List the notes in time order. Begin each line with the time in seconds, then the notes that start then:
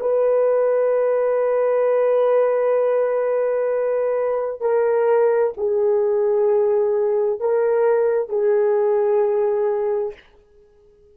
0.00 B4
4.61 A#4
5.57 G#4
7.40 A#4
8.29 G#4